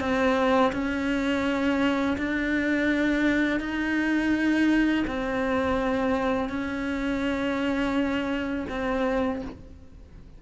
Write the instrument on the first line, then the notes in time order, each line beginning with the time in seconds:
cello
0.00 C4
0.72 C#4
2.18 D4
3.60 D#4
5.07 C4
6.49 C#4
8.69 C4